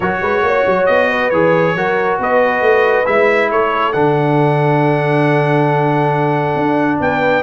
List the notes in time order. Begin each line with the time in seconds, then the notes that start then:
0.00 F#3 F#4 A#4 C#5
0.21 G#3 B4
0.42 A#3 C#5
0.66 F#3
0.86 B3 D#5
1.09 B4
1.30 E3 G#4 C#5
1.74 F#3 F#4 A#4
2.19 B3 B4 D#5
2.61 A3
3.05 G#3 E4 E5
3.50 A3 A4 C#5
3.93 D3 D4 F#5
6.55 D4
7.00 B3 B4 G5